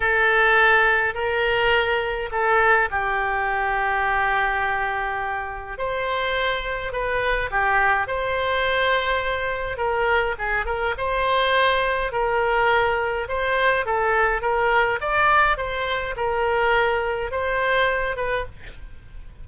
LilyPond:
\new Staff \with { instrumentName = "oboe" } { \time 4/4 \tempo 4 = 104 a'2 ais'2 | a'4 g'2.~ | g'2 c''2 | b'4 g'4 c''2~ |
c''4 ais'4 gis'8 ais'8 c''4~ | c''4 ais'2 c''4 | a'4 ais'4 d''4 c''4 | ais'2 c''4. b'8 | }